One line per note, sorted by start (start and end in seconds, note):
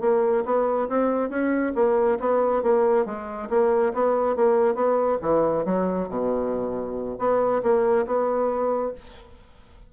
0.00 0.43 A#3
0.45 0.88 B3
0.88 1.29 C4
1.29 1.73 C#4
1.75 2.18 A#3
2.19 2.62 B3
2.62 3.05 A#3
3.05 3.49 G#3
3.49 3.92 A#3
3.93 4.36 B3
4.36 4.74 A#3
4.74 5.18 B3
5.21 5.65 E3
5.65 6.08 F#3
6.08 7.17 B2
7.19 7.62 B3
7.62 8.06 A#3
8.06 8.93 B3